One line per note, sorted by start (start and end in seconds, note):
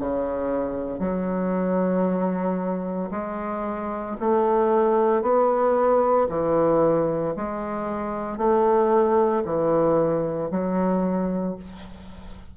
0.00 1.00 C#3
1.00 3.10 F#3
3.11 4.16 G#3
4.20 5.22 A3
5.22 6.27 B3
6.30 7.35 E3
7.36 8.38 G#3
8.38 9.43 A3
9.45 10.50 E3
10.51 11.56 F#3